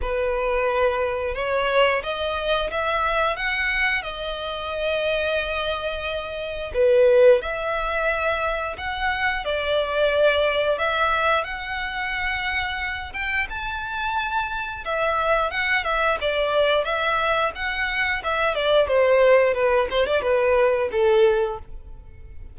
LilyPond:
\new Staff \with { instrumentName = "violin" } { \time 4/4 \tempo 4 = 89 b'2 cis''4 dis''4 | e''4 fis''4 dis''2~ | dis''2 b'4 e''4~ | e''4 fis''4 d''2 |
e''4 fis''2~ fis''8 g''8 | a''2 e''4 fis''8 e''8 | d''4 e''4 fis''4 e''8 d''8 | c''4 b'8 c''16 d''16 b'4 a'4 | }